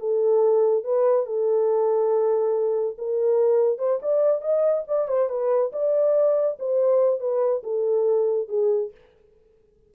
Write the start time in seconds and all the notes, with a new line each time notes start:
0.00 A4
0.84 B4
1.26 A4
2.98 A#4
3.79 C5
4.02 D5
4.42 D#5
4.88 D5
5.08 C5
5.29 B4
5.73 D5
6.60 C5
7.20 B4
7.64 A4
8.49 G#4